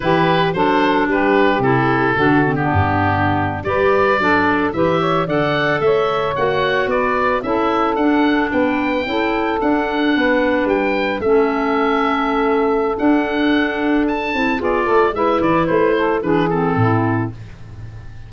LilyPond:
<<
  \new Staff \with { instrumentName = "oboe" } { \time 4/4 \tempo 4 = 111 b'4 c''4 b'4 a'4~ | a'8. g'2 d''4~ d''16~ | d''8. e''4 fis''4 e''4 fis''16~ | fis''8. d''4 e''4 fis''4 g''16~ |
g''4.~ g''16 fis''2 g''16~ | g''8. e''2.~ e''16 | fis''2 a''4 d''4 | e''8 d''8 c''4 b'8 a'4. | }
  \new Staff \with { instrumentName = "saxophone" } { \time 4/4 g'4 a'4 g'2 | fis'8. d'2 b'4 a'16~ | a'8. b'8 cis''8 d''4 cis''4~ cis''16~ | cis''8. b'4 a'2 b'16~ |
b'8. a'2 b'4~ b'16~ | b'8. a'2.~ a'16~ | a'2. gis'8 a'8 | b'4. a'8 gis'4 e'4 | }
  \new Staff \with { instrumentName = "clarinet" } { \time 4/4 e'4 d'2 e'4 | d'8 c'16 b2 g'4 d'16~ | d'8. g'4 a'2 fis'16~ | fis'4.~ fis'16 e'4 d'4~ d'16~ |
d'8. e'4 d'2~ d'16~ | d'8. cis'2.~ cis'16 | d'2~ d'8 e'8 f'4 | e'2 d'8 c'4. | }
  \new Staff \with { instrumentName = "tuba" } { \time 4/4 e4 fis4 g4 c4 | d4 g,4.~ g,16 g4 fis16~ | fis8. e4 d4 a4 ais16~ | ais8. b4 cis'4 d'4 b16~ |
b8. cis'4 d'4 b4 g16~ | g8. a2.~ a16 | d'2~ d'8 c'8 b8 a8 | gis8 e8 a4 e4 a,4 | }
>>